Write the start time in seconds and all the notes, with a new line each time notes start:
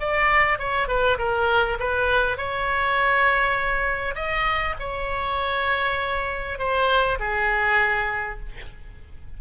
0.00 D5
0.59 C#5
0.88 B4
1.18 A#4
1.79 B4
2.38 C#5
4.15 D#5
4.79 C#5
6.58 C5
7.19 G#4